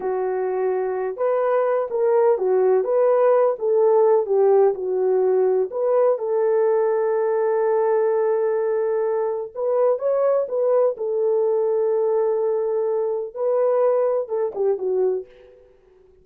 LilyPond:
\new Staff \with { instrumentName = "horn" } { \time 4/4 \tempo 4 = 126 fis'2~ fis'8 b'4. | ais'4 fis'4 b'4. a'8~ | a'4 g'4 fis'2 | b'4 a'2.~ |
a'1 | b'4 cis''4 b'4 a'4~ | a'1 | b'2 a'8 g'8 fis'4 | }